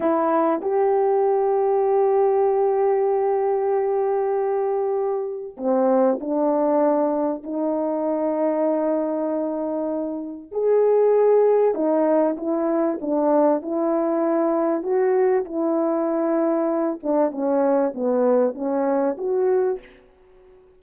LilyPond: \new Staff \with { instrumentName = "horn" } { \time 4/4 \tempo 4 = 97 e'4 g'2.~ | g'1~ | g'4 c'4 d'2 | dis'1~ |
dis'4 gis'2 dis'4 | e'4 d'4 e'2 | fis'4 e'2~ e'8 d'8 | cis'4 b4 cis'4 fis'4 | }